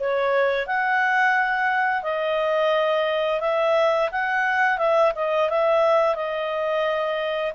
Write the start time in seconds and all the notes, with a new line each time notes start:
0.00 C#5
0.67 F#5
2.03 D#5
3.41 E5
4.12 F#5
4.78 E5
5.15 D#5
5.50 E5
6.15 D#5